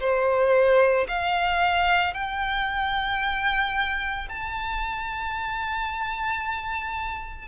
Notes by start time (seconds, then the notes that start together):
0.00 C5
1.09 F5
2.14 G5
4.29 A5